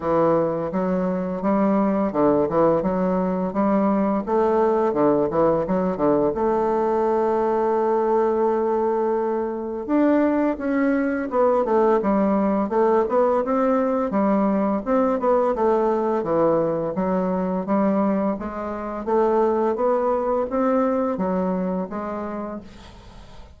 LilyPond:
\new Staff \with { instrumentName = "bassoon" } { \time 4/4 \tempo 4 = 85 e4 fis4 g4 d8 e8 | fis4 g4 a4 d8 e8 | fis8 d8 a2.~ | a2 d'4 cis'4 |
b8 a8 g4 a8 b8 c'4 | g4 c'8 b8 a4 e4 | fis4 g4 gis4 a4 | b4 c'4 fis4 gis4 | }